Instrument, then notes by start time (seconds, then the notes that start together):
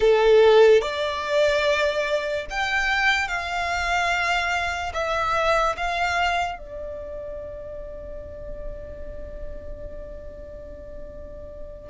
violin
0.00 A4
0.81 D5
2.50 G5
3.28 F5
4.93 E5
5.76 F5
6.58 D5